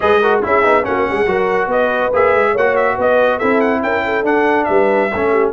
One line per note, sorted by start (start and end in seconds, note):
0.00 0.44 G#3
0.00 0.21 G#4
0.00 0.21 B4
0.00 0.41 D#5
0.21 0.42 F#4
0.21 0.43 A#4
0.42 0.64 C#4
0.42 0.63 E4
0.42 0.87 G#4
0.42 0.84 E5
0.63 0.86 B3
0.63 0.83 D#4
0.83 1.08 A#3
0.83 1.26 C#4
0.83 1.09 F#4
0.83 1.69 F#5
1.09 1.26 G#3
1.09 1.28 G#4
1.26 1.66 F#3
1.26 2.12 F#4
1.26 1.71 A#4
1.66 2.09 B3
1.66 2.52 B4
1.66 2.13 D#5
2.13 2.34 A#3
2.13 2.56 G#4
2.13 2.57 E5
2.34 2.54 G#3
2.52 2.97 A#3
2.52 2.94 C#5
2.52 2.76 F#5
2.58 3.41 F#4
2.76 2.97 E5
2.95 3.40 B3
2.95 3.37 B4
2.95 3.39 D#5
3.37 3.82 C4
3.37 4.24 E4
3.37 3.80 A4
3.37 3.60 E5
3.60 3.81 F#5
3.82 4.23 C#4
3.82 4.04 A#4
3.82 4.25 G5
4.04 4.68 A4
4.23 4.66 D4
4.23 5.09 D4
4.23 4.64 F#5
4.64 5.11 G3
4.64 5.11 B4
4.64 5.49 E5
5.11 5.53 A3
5.11 5.53 C#4
5.11 5.31 A4
5.31 5.52 G4